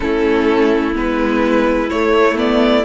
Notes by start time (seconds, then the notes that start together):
0.00 A3 C#4 E4 A4
0.94 G#3 B3 B4
1.89 A3 C#5
2.35 B3 D5